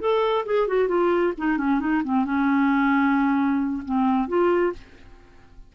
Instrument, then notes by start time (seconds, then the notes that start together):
clarinet
0.00 A4
0.45 G#4
0.67 F#4
0.88 F4
1.38 D#4
1.57 C#4
1.80 D#4
2.04 C4
2.25 C#4
3.85 C4
4.28 F4